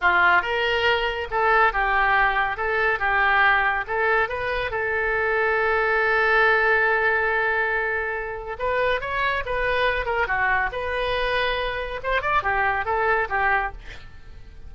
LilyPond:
\new Staff \with { instrumentName = "oboe" } { \time 4/4 \tempo 4 = 140 f'4 ais'2 a'4 | g'2 a'4 g'4~ | g'4 a'4 b'4 a'4~ | a'1~ |
a'1 | b'4 cis''4 b'4. ais'8 | fis'4 b'2. | c''8 d''8 g'4 a'4 g'4 | }